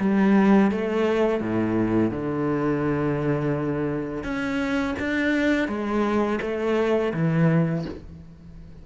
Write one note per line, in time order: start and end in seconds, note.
0.00 0.71 G3
0.72 1.41 A3
1.41 2.11 A2
2.11 4.24 D3
4.24 4.95 C#4
4.99 5.68 D4
5.68 6.40 G#3
6.42 7.13 A3
7.14 7.85 E3